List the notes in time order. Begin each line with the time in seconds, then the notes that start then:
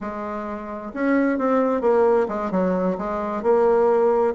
0.01 G#3
0.93 C#4
1.38 C4
1.81 A#3
2.28 G#3
2.51 F#3
2.98 G#3
3.42 A#3